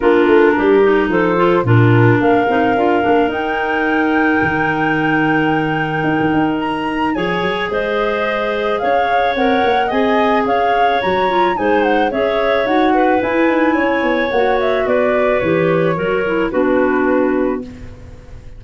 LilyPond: <<
  \new Staff \with { instrumentName = "flute" } { \time 4/4 \tempo 4 = 109 ais'2 c''4 ais'4 | f''2 g''2~ | g''1 | ais''4 gis''4 dis''2 |
f''4 fis''4 gis''4 f''4 | ais''4 gis''8 fis''8 e''4 fis''4 | gis''2 fis''8 e''8 d''4 | cis''2 b'2 | }
  \new Staff \with { instrumentName = "clarinet" } { \time 4/4 f'4 g'4 a'4 f'4 | ais'1~ | ais'1~ | ais'4 cis''4 c''2 |
cis''2 dis''4 cis''4~ | cis''4 c''4 cis''4. b'8~ | b'4 cis''2 b'4~ | b'4 ais'4 fis'2 | }
  \new Staff \with { instrumentName = "clarinet" } { \time 4/4 d'4. dis'4 f'8 d'4~ | d'8 dis'8 f'8 d'8 dis'2~ | dis'1~ | dis'4 gis'2.~ |
gis'4 ais'4 gis'2 | fis'8 f'8 dis'4 gis'4 fis'4 | e'2 fis'2 | g'4 fis'8 e'8 d'2 | }
  \new Staff \with { instrumentName = "tuba" } { \time 4/4 ais8 a8 g4 f4 ais,4 | ais8 c'8 d'8 ais8 dis'2 | dis2. dis'16 dis16 dis'8~ | dis'4 f8 fis8 gis2 |
cis'4 c'8 ais8 c'4 cis'4 | fis4 gis4 cis'4 dis'4 | e'8 dis'8 cis'8 b8 ais4 b4 | e4 fis4 b2 | }
>>